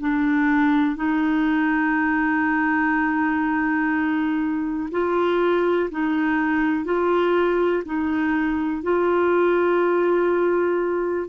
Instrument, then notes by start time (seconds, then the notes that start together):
clarinet
0.00 D4
0.96 D#4
4.91 F4
5.91 D#4
6.85 F4
7.85 D#4
8.83 F4